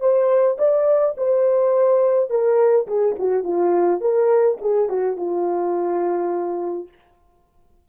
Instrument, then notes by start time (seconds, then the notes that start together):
horn
0.00 C5
0.58 D5
1.17 C5
2.30 A#4
2.87 G#4
3.19 F#4
3.44 F4
4.01 A#4
4.61 G#4
4.89 F#4
5.17 F4